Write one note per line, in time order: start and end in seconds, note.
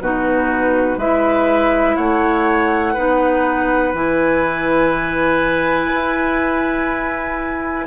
0.00 0.97 B2
0.00 0.99 D#4
0.00 0.98 F#4
0.00 0.99 B4
0.97 1.95 G#3
0.97 2.96 E4
0.97 1.96 B4
0.97 1.96 E5
1.96 2.96 A3
1.96 2.93 C#5
1.96 3.93 F#5
2.93 3.93 B3
2.93 3.94 D#4
2.93 7.85 B4
3.93 5.90 E3
3.93 7.87 E4
3.93 7.87 G#5
5.94 7.87 E4